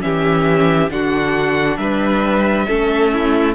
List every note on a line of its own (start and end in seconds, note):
0.00 0.90 E3
0.00 0.88 C#4
0.00 0.92 G4
0.00 0.89 E5
0.89 1.77 D3
0.89 2.66 D4
0.89 1.78 F#4
0.89 1.77 F#5
1.77 2.65 G3
1.77 2.66 B4
1.77 3.53 E5
2.67 3.54 A3
2.67 3.54 C#4
2.67 3.11 A4
3.12 3.54 E4